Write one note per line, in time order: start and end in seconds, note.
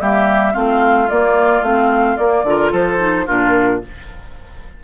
0.00 0.55 G3
0.00 0.53 A#3
0.00 0.53 G4
0.00 0.55 E5
0.53 1.10 A3
0.53 1.08 C4
0.53 2.44 F4
0.53 1.09 F5
1.09 1.62 A#3
1.09 1.64 A#3
1.09 1.63 D5
1.62 2.16 A3
1.62 2.18 C4
1.62 2.17 F5
2.17 2.45 A#3
2.17 2.44 A#3
2.17 2.71 D5
2.44 2.71 D3
2.44 2.98 F4
2.44 2.72 A#4
2.72 3.27 F3
2.72 3.26 A4
2.72 3.27 C5
2.98 3.25 D#4
3.26 3.84 A#2
3.26 3.81 D4
3.26 3.80 F4
3.26 3.82 A#4